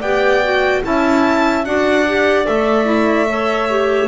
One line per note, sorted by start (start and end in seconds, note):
0.00 0.82 B3
0.00 0.43 G4
0.00 0.81 D5
0.00 0.83 G5
0.43 0.84 F#4
0.84 1.65 C#4
0.84 1.65 E4
0.84 1.67 E5
0.84 1.65 A5
1.65 2.46 D4
1.65 2.05 F#4
1.65 3.29 D5
1.65 2.46 F#5
2.07 2.46 G4
2.46 4.08 A3
2.46 2.85 A4
2.46 4.08 E5
2.85 3.26 E4
3.28 3.69 A4
3.28 4.08 C#5
3.70 4.08 G4